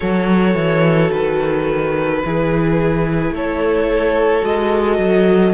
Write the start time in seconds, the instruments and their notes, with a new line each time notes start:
0.00 cello F#3, viola F#4, violin A4 C#5
0.54 cello E3
1.11 cello D#3, violin B4
2.24 cello E3, viola E4, violin G#4
3.31 cello A3, violin A4 C#5
4.41 cello G#3, viola F#4, violin D#5
4.98 cello F#3